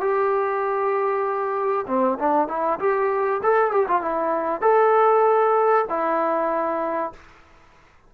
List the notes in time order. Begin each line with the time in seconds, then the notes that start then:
0.00 G4
1.87 C4
2.18 D4
2.48 E4
2.79 G4
3.43 A4
3.71 G4
3.88 F4
4.01 E4
4.61 A4
5.89 E4